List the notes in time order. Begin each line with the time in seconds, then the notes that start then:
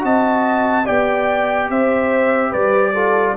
0.00 C4 F#4 D#5 A5
0.85 B3 G4 D5 G5
1.69 C4 C5 E5
2.50 G3 B4 D5
2.94 F4 A4